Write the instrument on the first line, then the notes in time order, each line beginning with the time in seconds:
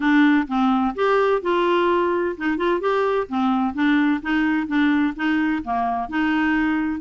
clarinet
0.00 D4
0.47 C4
0.95 G4
1.42 F4
2.37 D#4
2.57 F4
2.80 G4
3.28 C4
3.74 D4
4.21 D#4
4.67 D4
5.16 D#4
5.64 A#3
6.08 D#4